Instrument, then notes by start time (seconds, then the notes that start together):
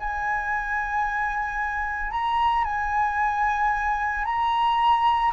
flute
0.00 G#5
2.12 A#5
2.65 G#5
4.26 A#5